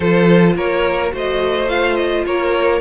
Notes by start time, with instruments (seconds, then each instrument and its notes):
0.00 cello F3, viola F4, violin A4 C5
0.56 cello A#3, violin A#4 C#5
1.10 cello A3, viola F#4, violin C5
1.17 violin D#5
1.68 viola F4, violin F5
1.96 violin D#5
2.25 cello A#3, violin A#4 C#5